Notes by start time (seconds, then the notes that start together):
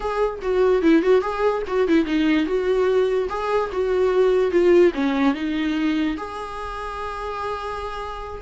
0.00 G#4
0.42 F#4
0.81 E4
1.02 F#4
1.21 G#4
1.67 F#4
1.87 E4
2.05 D#4
2.45 F#4
3.29 G#4
3.72 F#4
4.51 F4
4.94 C#4
5.34 D#4
6.17 G#4